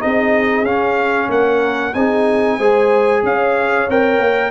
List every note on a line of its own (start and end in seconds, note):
0.00 0.63 C4
0.00 0.65 D#4
0.00 1.30 G#4
0.00 0.66 D#5
0.63 1.28 C#4
0.63 1.94 C#4
0.63 1.30 F5
1.29 1.94 A#3
1.29 1.96 A#4
1.29 1.94 F#5
1.94 2.59 C4
1.94 2.60 D#4
1.94 2.57 G#4
1.94 3.23 G#5
2.57 3.24 G#3
2.57 3.89 G#4
2.57 3.22 C5
3.24 3.88 C#4
3.24 4.51 C#5
3.24 3.90 F5
3.89 4.19 C4
3.89 4.51 A#4
3.89 4.51 G5
4.19 4.51 A#3